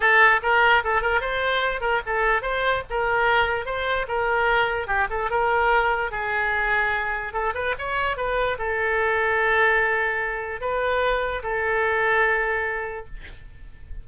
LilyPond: \new Staff \with { instrumentName = "oboe" } { \time 4/4 \tempo 4 = 147 a'4 ais'4 a'8 ais'8 c''4~ | c''8 ais'8 a'4 c''4 ais'4~ | ais'4 c''4 ais'2 | g'8 a'8 ais'2 gis'4~ |
gis'2 a'8 b'8 cis''4 | b'4 a'2.~ | a'2 b'2 | a'1 | }